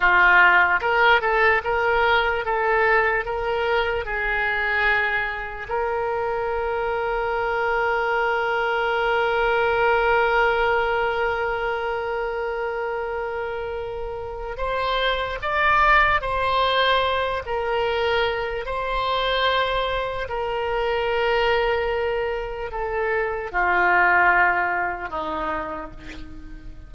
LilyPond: \new Staff \with { instrumentName = "oboe" } { \time 4/4 \tempo 4 = 74 f'4 ais'8 a'8 ais'4 a'4 | ais'4 gis'2 ais'4~ | ais'1~ | ais'1~ |
ais'2 c''4 d''4 | c''4. ais'4. c''4~ | c''4 ais'2. | a'4 f'2 dis'4 | }